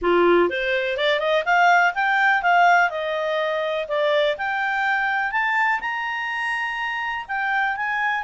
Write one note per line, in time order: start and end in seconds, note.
0.01 0.49 F4
0.49 0.97 C5
0.97 1.19 D5
1.19 1.43 D#5
1.45 1.93 F5
1.94 2.42 G5
2.42 2.90 F5
2.90 3.86 D#5
3.88 4.36 D5
4.37 5.31 G5
5.31 5.80 A5
5.80 7.25 A#5
7.28 7.76 G5
7.76 8.23 G#5